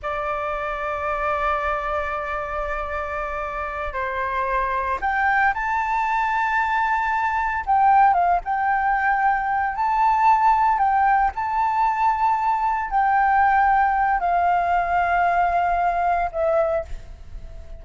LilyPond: \new Staff \with { instrumentName = "flute" } { \time 4/4 \tempo 4 = 114 d''1~ | d''2.~ d''8 c''8~ | c''4. g''4 a''4.~ | a''2~ a''8 g''4 f''8 |
g''2~ g''8 a''4.~ | a''8 g''4 a''2~ a''8~ | a''8 g''2~ g''8 f''4~ | f''2. e''4 | }